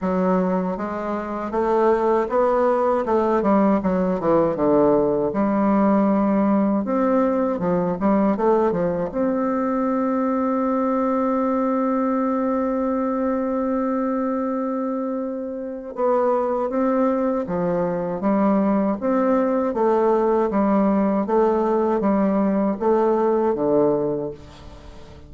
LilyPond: \new Staff \with { instrumentName = "bassoon" } { \time 4/4 \tempo 4 = 79 fis4 gis4 a4 b4 | a8 g8 fis8 e8 d4 g4~ | g4 c'4 f8 g8 a8 f8 | c'1~ |
c'1~ | c'4 b4 c'4 f4 | g4 c'4 a4 g4 | a4 g4 a4 d4 | }